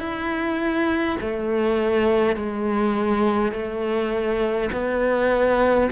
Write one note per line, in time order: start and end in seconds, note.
0.00 1.18 E4
1.21 2.36 A3
2.36 3.52 G#3
3.52 4.70 A3
4.73 5.90 B3